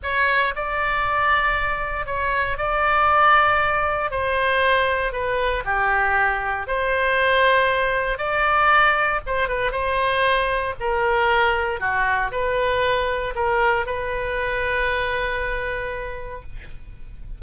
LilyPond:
\new Staff \with { instrumentName = "oboe" } { \time 4/4 \tempo 4 = 117 cis''4 d''2. | cis''4 d''2. | c''2 b'4 g'4~ | g'4 c''2. |
d''2 c''8 b'8 c''4~ | c''4 ais'2 fis'4 | b'2 ais'4 b'4~ | b'1 | }